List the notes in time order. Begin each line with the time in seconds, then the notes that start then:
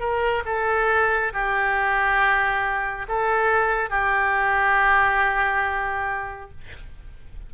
0.00 A#4
0.45 A4
1.33 G4
3.08 A4
3.90 G4